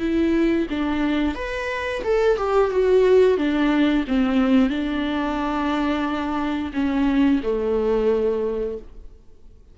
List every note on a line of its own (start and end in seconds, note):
0.00 0.67 E4
0.70 1.35 D4
1.35 2.03 B4
2.04 2.38 A4
2.38 2.72 G4
2.72 3.38 F#4
3.38 4.05 D4
4.08 4.70 C4
4.70 6.72 D4
6.74 7.41 C#4
7.43 8.78 A3